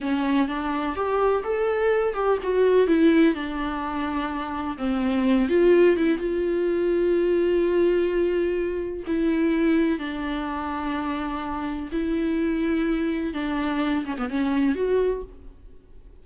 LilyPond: \new Staff \with { instrumentName = "viola" } { \time 4/4 \tempo 4 = 126 cis'4 d'4 g'4 a'4~ | a'8 g'8 fis'4 e'4 d'4~ | d'2 c'4. f'8~ | f'8 e'8 f'2.~ |
f'2. e'4~ | e'4 d'2.~ | d'4 e'2. | d'4. cis'16 b16 cis'4 fis'4 | }